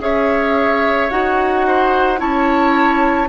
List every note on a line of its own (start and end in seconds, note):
0.00 1.09 C#4
0.00 1.09 G#4
0.00 1.67 C#5
0.00 1.10 E5
1.10 2.21 D#4
1.10 2.18 F#4
1.10 2.20 F#5
1.67 2.20 C5
2.18 3.29 C#4
2.18 3.27 E4
2.18 3.29 C#5
2.18 3.29 A5